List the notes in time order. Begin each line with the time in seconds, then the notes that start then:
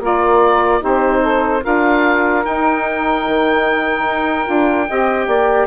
0.00 A#3 F4 A#4 D5
0.80 C4 D#4 G4 C5
1.22 A4
1.62 D4 F4 A#4 F5
2.45 D#4 G5
3.28 D#3
4.05 D#4
4.44 D4 F4
4.88 C4 G4 D#5
5.27 A#3 D5